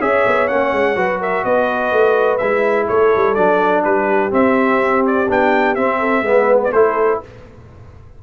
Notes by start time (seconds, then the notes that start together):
0.00 C#4 G#4 C#5 E5
0.26 B3
0.47 A#3 C#4 F#5
0.72 G#3
0.95 F#3 F#4 B4
1.19 A#4 E5
1.44 B3 B4 D#5
1.92 A3
2.37 G#3 E4 E5
2.86 A3 A4 C#5
3.15 G3
3.34 F#3 D4 D5
3.84 G3 G4 B4
4.30 C4 E5
5.06 D5
5.29 B3 D4 G5
5.74 C4 E5
5.99 A4
6.21 G#3 B3 B4
6.63 D5
6.71 A3 E4 A4 C5